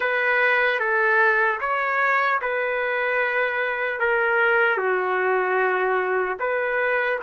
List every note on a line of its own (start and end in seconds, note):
0.00 0.79 B4
0.79 1.59 A4
1.60 2.40 C#5
2.41 3.99 B4
3.99 4.77 A#4
4.77 6.37 F#4
6.39 7.19 B4